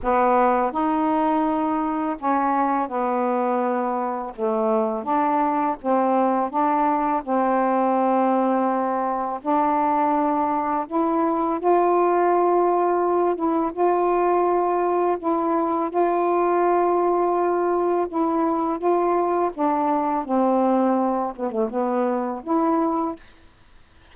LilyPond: \new Staff \with { instrumentName = "saxophone" } { \time 4/4 \tempo 4 = 83 b4 dis'2 cis'4 | b2 a4 d'4 | c'4 d'4 c'2~ | c'4 d'2 e'4 |
f'2~ f'8 e'8 f'4~ | f'4 e'4 f'2~ | f'4 e'4 f'4 d'4 | c'4. b16 a16 b4 e'4 | }